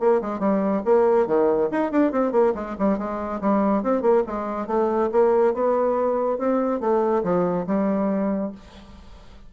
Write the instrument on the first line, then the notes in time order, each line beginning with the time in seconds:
bassoon
0.00 A#3
0.21 G#3
0.39 G3
0.85 A#3
1.27 D#3
1.72 D#4
1.92 D4
2.12 C4
2.32 A#3
2.55 G#3
2.79 G3
2.98 G#3
3.41 G3
3.83 C4
4.02 A#3
4.27 G#3
4.67 A3
5.12 A#3
5.54 B3
6.38 C4
6.80 A3
7.24 F3
7.67 G3